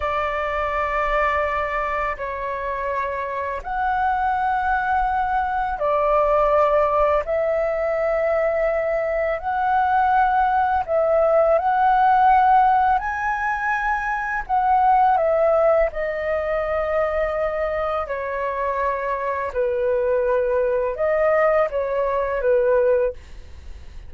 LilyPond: \new Staff \with { instrumentName = "flute" } { \time 4/4 \tempo 4 = 83 d''2. cis''4~ | cis''4 fis''2. | d''2 e''2~ | e''4 fis''2 e''4 |
fis''2 gis''2 | fis''4 e''4 dis''2~ | dis''4 cis''2 b'4~ | b'4 dis''4 cis''4 b'4 | }